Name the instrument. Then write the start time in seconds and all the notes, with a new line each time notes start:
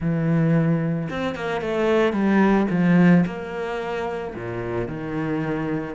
cello
0.00 E3
1.10 C4
1.35 A#3
1.61 A3
2.12 G3
2.70 F3
3.26 A#3
4.34 A#2
4.87 D#3